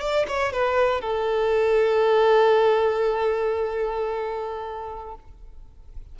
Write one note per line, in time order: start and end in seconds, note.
0.00 0.26 D5
0.28 0.53 C#5
0.53 1.01 B4
1.01 5.15 A4